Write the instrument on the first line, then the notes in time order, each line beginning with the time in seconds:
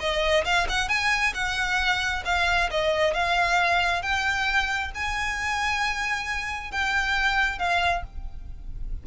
violin
0.00 D#5
0.45 F5
0.69 F#5
0.89 G#5
1.34 F#5
2.25 F5
2.71 D#5
3.14 F5
4.02 G5
4.95 G#5
6.72 G5
7.59 F5